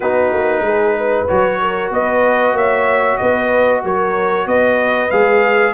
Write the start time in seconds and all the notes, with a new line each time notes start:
0.00 B3 D#4 F#4 B4
0.33 A#3
0.61 G#3 G#4
0.96 B4
1.28 F#3 F#4 C#5
1.61 A#4
1.90 B3 B4 D#5
2.53 A#3 C#5 E5
3.17 B3 B4 D#5
3.84 F#3 A#4 C#5
4.46 B3 B4 D#5
5.11 G#3 G#4 F5